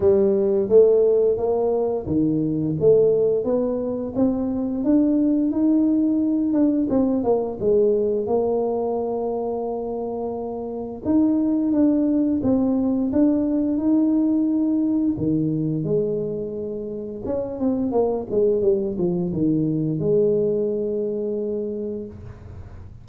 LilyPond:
\new Staff \with { instrumentName = "tuba" } { \time 4/4 \tempo 4 = 87 g4 a4 ais4 dis4 | a4 b4 c'4 d'4 | dis'4. d'8 c'8 ais8 gis4 | ais1 |
dis'4 d'4 c'4 d'4 | dis'2 dis4 gis4~ | gis4 cis'8 c'8 ais8 gis8 g8 f8 | dis4 gis2. | }